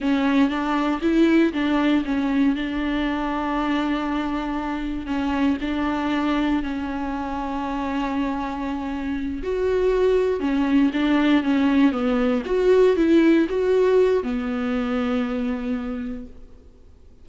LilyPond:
\new Staff \with { instrumentName = "viola" } { \time 4/4 \tempo 4 = 118 cis'4 d'4 e'4 d'4 | cis'4 d'2.~ | d'2 cis'4 d'4~ | d'4 cis'2.~ |
cis'2~ cis'8 fis'4.~ | fis'8 cis'4 d'4 cis'4 b8~ | b8 fis'4 e'4 fis'4. | b1 | }